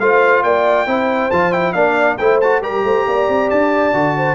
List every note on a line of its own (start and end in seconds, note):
0.00 0.43 A3
0.00 0.87 F4
0.00 0.44 C5
0.00 0.44 F5
0.43 0.87 A#3
0.43 0.87 D5
0.43 1.31 G5
0.87 1.31 C4
0.87 1.31 E4
0.87 1.74 C5
1.31 1.75 F3
1.31 1.53 F4
1.31 1.53 A5
1.53 1.75 E4
1.53 1.73 G5
1.73 2.19 A#3
1.73 2.19 D4
1.73 2.18 D5
1.73 2.17 F5
2.18 2.63 A3
2.18 2.42 E4
2.18 2.63 C5
2.18 2.40 G5
2.41 2.63 F#4
2.41 2.63 A5
2.63 2.84 G3
2.63 3.93 G4
2.63 2.85 A#4
2.63 3.51 A#5
2.84 3.06 A3
2.84 3.07 C5
3.07 3.29 A#3
3.07 4.18 D5
3.29 3.51 C4
3.51 3.94 D4
3.51 4.36 A5
3.93 4.36 D3
3.93 4.36 F#4
4.18 4.36 C5